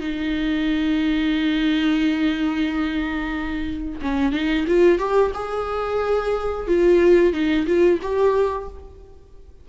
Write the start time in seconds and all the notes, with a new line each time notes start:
0.00 D#4
4.02 C#4
4.32 D#4
4.67 F4
4.98 G4
5.34 G#4
6.67 F4
7.33 D#4
7.66 F4
8.02 G4